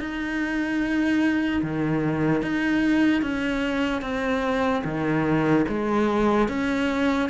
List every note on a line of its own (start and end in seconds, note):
0.00 1.62 D#4
1.63 2.43 D#3
2.43 3.22 D#4
3.22 4.02 C#4
4.02 4.83 C4
4.85 5.66 D#3
5.69 6.49 G#3
6.49 7.30 C#4